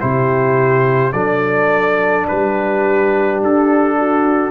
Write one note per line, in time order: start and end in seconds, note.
0.00 1.13 C3
0.00 1.13 E4
0.00 1.14 G4
0.00 1.13 C5
1.13 2.26 F#3
1.13 4.51 D4
1.13 2.27 A4
1.13 2.26 D5
2.28 3.43 G3
2.28 3.98 G4
2.28 3.41 B4
3.43 4.51 D4
3.43 4.51 A4
3.98 4.51 F#4